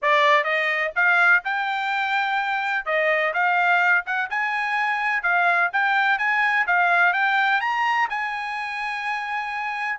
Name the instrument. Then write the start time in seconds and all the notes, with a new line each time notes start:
trumpet
0.02 D5
0.44 D#5
0.95 F5
1.44 G5
2.85 D#5
3.33 F5
4.06 F#5
4.30 G#5
5.23 F5
5.73 G5
6.18 G#5
6.66 F5
7.13 G5
7.61 A#5
8.09 G#5